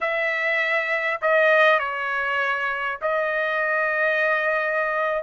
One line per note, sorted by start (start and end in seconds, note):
0.00 1.20 E5
1.21 1.79 D#5
1.79 2.99 C#5
3.01 5.23 D#5